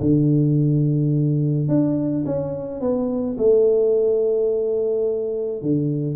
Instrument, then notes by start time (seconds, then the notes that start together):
tuba
0.00 D3
1.68 D4
2.26 C#4
2.80 B3
3.38 A3
5.62 D3